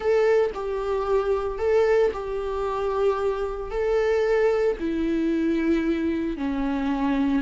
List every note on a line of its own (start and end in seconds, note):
0.00 0.50 A4
0.54 1.58 G4
1.58 2.11 A4
2.13 3.70 G4
3.70 4.76 A4
4.79 6.37 E4
6.37 7.42 C#4